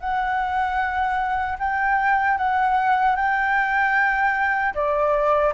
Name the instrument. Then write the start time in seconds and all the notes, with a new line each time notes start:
flute
0.00 F#5
1.59 G5
2.38 F#5
3.16 G5
4.74 D5